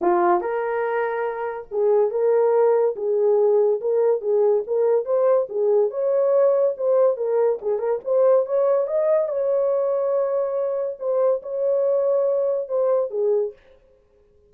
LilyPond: \new Staff \with { instrumentName = "horn" } { \time 4/4 \tempo 4 = 142 f'4 ais'2. | gis'4 ais'2 gis'4~ | gis'4 ais'4 gis'4 ais'4 | c''4 gis'4 cis''2 |
c''4 ais'4 gis'8 ais'8 c''4 | cis''4 dis''4 cis''2~ | cis''2 c''4 cis''4~ | cis''2 c''4 gis'4 | }